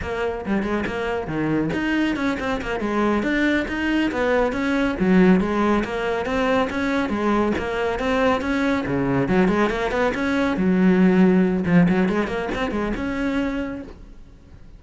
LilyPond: \new Staff \with { instrumentName = "cello" } { \time 4/4 \tempo 4 = 139 ais4 g8 gis8 ais4 dis4 | dis'4 cis'8 c'8 ais8 gis4 d'8~ | d'8 dis'4 b4 cis'4 fis8~ | fis8 gis4 ais4 c'4 cis'8~ |
cis'8 gis4 ais4 c'4 cis'8~ | cis'8 cis4 fis8 gis8 ais8 b8 cis'8~ | cis'8 fis2~ fis8 f8 fis8 | gis8 ais8 c'8 gis8 cis'2 | }